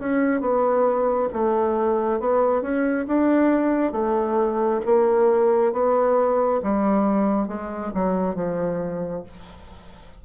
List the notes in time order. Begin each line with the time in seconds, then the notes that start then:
0.00 C#4
0.41 B3
1.34 A3
2.20 B3
2.62 C#4
3.08 D4
3.93 A3
4.86 A#3
5.73 B3
6.63 G3
7.48 G#3
7.95 F#3
8.35 F3